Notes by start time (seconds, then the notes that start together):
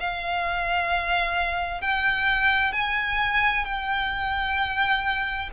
0.00 F5
1.82 G5
2.72 G#5
3.65 G5